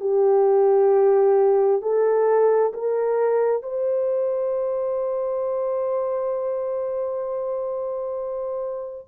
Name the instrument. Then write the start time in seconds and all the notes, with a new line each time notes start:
horn
0.00 G4
1.81 A4
2.73 A#4
3.62 C5